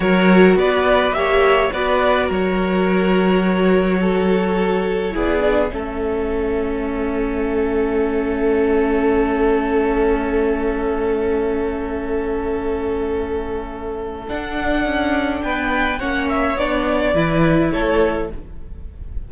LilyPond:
<<
  \new Staff \with { instrumentName = "violin" } { \time 4/4 \tempo 4 = 105 cis''4 d''4 e''4 d''4 | cis''1~ | cis''4 d''4 e''2~ | e''1~ |
e''1~ | e''1~ | e''4 fis''2 g''4 | fis''8 e''8 d''2 cis''4 | }
  \new Staff \with { instrumentName = "violin" } { \time 4/4 ais'4 b'4 cis''4 b'4 | ais'2. a'4~ | a'4 gis'4 a'2~ | a'1~ |
a'1~ | a'1~ | a'2. b'4 | cis''2 b'4 a'4 | }
  \new Staff \with { instrumentName = "viola" } { \time 4/4 fis'2 g'4 fis'4~ | fis'1~ | fis'4 e'8 d'8 cis'2~ | cis'1~ |
cis'1~ | cis'1~ | cis'4 d'2. | cis'4 d'4 e'2 | }
  \new Staff \with { instrumentName = "cello" } { \time 4/4 fis4 b4 ais4 b4 | fis1~ | fis4 b4 a2~ | a1~ |
a1~ | a1~ | a4 d'4 cis'4 b4 | ais4 b4 e4 a4 | }
>>